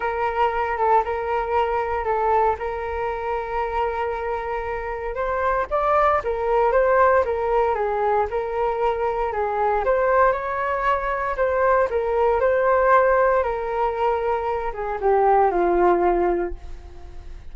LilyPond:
\new Staff \with { instrumentName = "flute" } { \time 4/4 \tempo 4 = 116 ais'4. a'8 ais'2 | a'4 ais'2.~ | ais'2 c''4 d''4 | ais'4 c''4 ais'4 gis'4 |
ais'2 gis'4 c''4 | cis''2 c''4 ais'4 | c''2 ais'2~ | ais'8 gis'8 g'4 f'2 | }